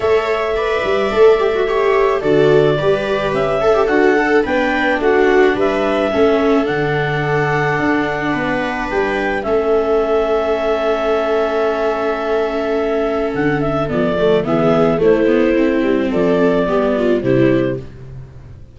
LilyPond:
<<
  \new Staff \with { instrumentName = "clarinet" } { \time 4/4 \tempo 4 = 108 e''1 | d''2 e''4 fis''4 | g''4 fis''4 e''2 | fis''1 |
g''4 e''2.~ | e''1 | fis''8 e''8 d''4 e''4 c''4~ | c''4 d''2 c''4 | }
  \new Staff \with { instrumentName = "viola" } { \time 4/4 cis''4 d''2 cis''4 | a'4 b'4. a'4. | b'4 fis'4 b'4 a'4~ | a'2. b'4~ |
b'4 a'2.~ | a'1~ | a'2 gis'4 e'4~ | e'4 a'4 g'8 f'8 e'4 | }
  \new Staff \with { instrumentName = "viola" } { \time 4/4 a'4 b'4 a'8 g'16 fis'16 g'4 | fis'4 g'4. a'16 g'16 fis'8 a'8 | d'2. cis'4 | d'1~ |
d'4 cis'2.~ | cis'1~ | cis'4 b8 a8 b4 a8 b8 | c'2 b4 g4 | }
  \new Staff \with { instrumentName = "tuba" } { \time 4/4 a4. g8 a2 | d4 g4 cis'4 d'4 | b4 a4 g4 a4 | d2 d'4 b4 |
g4 a2.~ | a1 | d4 f4 e4 a4~ | a8 g8 f4 g4 c4 | }
>>